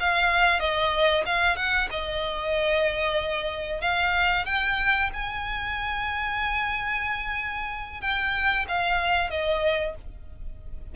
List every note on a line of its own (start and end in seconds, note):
0.00 0.60 F5
0.60 1.24 D#5
1.26 1.56 F5
1.56 1.89 F#5
1.90 3.81 D#5
3.81 4.45 F5
4.45 5.10 G5
5.13 8.01 G#5
8.01 8.66 G5
8.68 9.30 F5
9.30 9.95 D#5